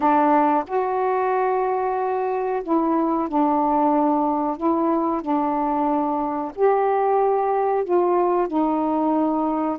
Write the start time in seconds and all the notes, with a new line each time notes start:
0.00 D4
0.67 F#4
2.63 E4
3.28 D4
4.57 E4
5.21 D4
6.55 G4
7.84 F4
8.47 D#4